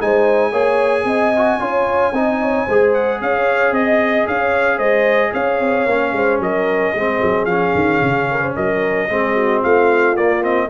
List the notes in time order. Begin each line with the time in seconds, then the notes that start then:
0.00 G#3 D#4 C5 G#5
0.51 A#3 G#4 C#5
1.05 C4 D#5
1.36 F#4
1.60 C#4 F4 C#5
2.12 C4 D#4 D#5
2.42 C#5
2.66 G#3 G#4 C5
2.94 F#5
3.21 C#4 C#5 F5
3.71 C4 D#5
4.27 C#4 C#5 F5
4.77 G#3 C5 D#5
5.34 C#4 C#5 F5
5.59 C4
5.86 A#3 C#4
6.13 G#3 C5
6.39 F#3 A#4 D#5
6.95 G#3 C4 G#4
7.23 F#3
7.45 F3 C#4 F5
7.75 D#3
8.02 C#3
8.31 A#4
8.41 C5
8.56 F#3 A#4 D#5
9.09 G#3 C4 G#4
9.35 F#4
9.61 A3 F4 F5
10.17 A#3 D5
10.42 C4 D#5